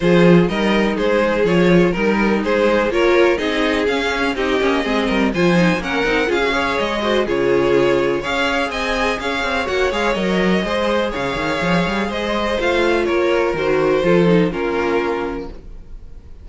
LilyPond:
<<
  \new Staff \with { instrumentName = "violin" } { \time 4/4 \tempo 4 = 124 c''4 dis''4 c''4 cis''4 | ais'4 c''4 cis''4 dis''4 | f''4 dis''2 gis''4 | fis''4 f''4 dis''4 cis''4~ |
cis''4 f''4 gis''4 f''4 | fis''8 f''8 dis''2 f''4~ | f''4 dis''4 f''4 cis''4 | c''2 ais'2 | }
  \new Staff \with { instrumentName = "violin" } { \time 4/4 gis'4 ais'4 gis'2 | ais'4 gis'4 ais'4 gis'4~ | gis'4 g'4 gis'8 ais'8 c''4 | ais'4 gis'8 cis''4 c''8 gis'4~ |
gis'4 cis''4 dis''4 cis''4~ | cis''2 c''4 cis''4~ | cis''4 c''2 ais'4~ | ais'4 a'4 f'2 | }
  \new Staff \with { instrumentName = "viola" } { \time 4/4 f'4 dis'2 f'4 | dis'2 f'4 dis'4 | cis'4 dis'8 cis'8 c'4 f'8 dis'8 | cis'8 dis'8 f'16 fis'16 gis'4 fis'8 f'4~ |
f'4 gis'2. | fis'8 gis'8 ais'4 gis'2~ | gis'2 f'2 | fis'4 f'8 dis'8 cis'2 | }
  \new Staff \with { instrumentName = "cello" } { \time 4/4 f4 g4 gis4 f4 | g4 gis4 ais4 c'4 | cis'4 c'8 ais8 gis8 g8 f4 | ais8 c'8 cis'4 gis4 cis4~ |
cis4 cis'4 c'4 cis'8 c'8 | ais8 gis8 fis4 gis4 cis8 dis8 | f8 g8 gis4 a4 ais4 | dis4 f4 ais2 | }
>>